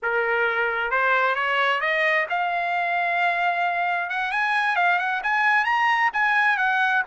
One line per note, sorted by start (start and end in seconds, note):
0.02 0.90 A#4
0.90 1.35 C5
1.35 1.80 C#5
1.81 2.26 D#5
2.29 4.09 F5
4.09 4.31 F#5
4.31 4.76 G#5
4.76 4.98 F5
4.98 5.21 F#5
5.23 5.64 G#5
5.64 6.10 A#5
6.13 6.57 G#5
6.57 7.02 F#5